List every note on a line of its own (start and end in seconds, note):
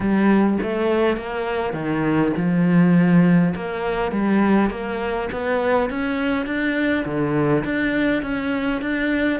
0.00 0.57 G3
0.62 1.16 A3
1.16 1.73 A#3
1.73 2.32 D#3
2.36 3.54 F3
3.55 4.11 A#3
4.11 4.70 G3
4.70 5.29 A#3
5.32 5.90 B3
5.90 6.45 C#4
6.45 7.04 D4
7.05 7.64 D3
7.64 8.22 D4
8.22 8.81 C#4
8.81 9.40 D4